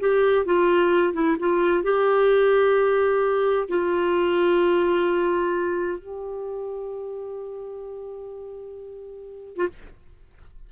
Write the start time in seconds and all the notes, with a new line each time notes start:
0.00 G4
0.46 F4
1.13 E4
1.39 F4
1.84 G4
3.68 F4
5.99 G4
9.56 F4